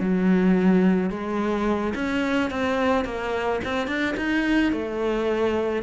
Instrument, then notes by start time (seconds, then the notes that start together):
cello
0.00 F#3
1.10 G#3
1.95 C#4
2.51 C4
3.05 A#3
3.65 C4
3.87 D4
4.17 D#4
4.72 A3